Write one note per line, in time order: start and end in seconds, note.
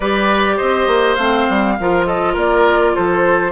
0.00 0.59 G3
0.00 1.19 G4
0.00 0.56 B4
0.00 0.57 D5
0.56 0.87 C4
0.56 1.74 C5
0.56 1.14 D#5
0.87 1.16 A#3
1.14 1.47 A3
1.14 1.78 C4
1.14 2.03 F5
1.49 1.78 G3
1.79 2.36 F3
1.79 3.51 F4
1.79 2.06 A#4
2.05 2.33 A4
2.05 2.35 D#5
2.33 2.95 A#3
2.33 2.92 A#4
2.33 2.95 D5
2.94 3.51 F3
2.94 3.51 A4
2.94 3.51 C5